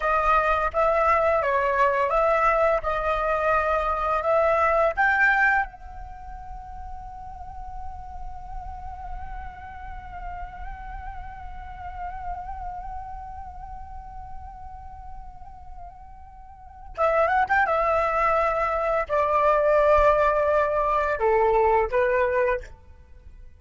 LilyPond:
\new Staff \with { instrumentName = "flute" } { \time 4/4 \tempo 4 = 85 dis''4 e''4 cis''4 e''4 | dis''2 e''4 g''4 | fis''1~ | fis''1~ |
fis''1~ | fis''1 | e''8 fis''16 g''16 e''2 d''4~ | d''2 a'4 b'4 | }